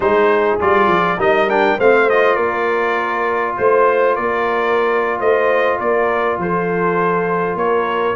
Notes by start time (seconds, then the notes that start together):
0.00 G#3 D#4 G#4 C5
0.60 G3 F4 D5
0.87 F3
1.17 G3 D#4 A#4 D#5
1.49 D4 G5
1.77 A3 C4 C5 F5
2.09 F4 D#5
2.36 A#3 A#4 D5
3.56 A3 C5
4.14 A#3 A#4 D5
5.19 A3 C5 D#5
5.79 A#3 A#4 D5
6.37 F3 A4 C5
7.55 A#3 A#4 C#5